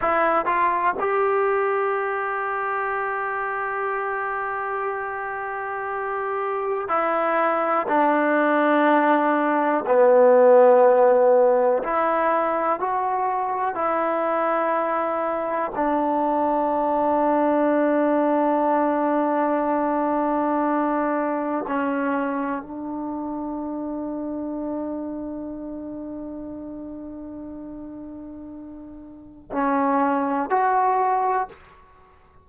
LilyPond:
\new Staff \with { instrumentName = "trombone" } { \time 4/4 \tempo 4 = 61 e'8 f'8 g'2.~ | g'2. e'4 | d'2 b2 | e'4 fis'4 e'2 |
d'1~ | d'2 cis'4 d'4~ | d'1~ | d'2 cis'4 fis'4 | }